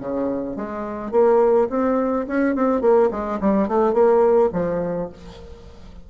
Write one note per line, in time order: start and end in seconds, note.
0.00 0.56 C#3
0.56 1.11 G#3
1.11 1.68 A#3
1.70 2.26 C4
2.27 2.55 C#4
2.55 2.81 C4
2.81 3.10 A#3
3.11 3.39 G#3
3.40 3.68 G3
3.68 3.93 A3
3.93 4.50 A#3
4.53 5.10 F3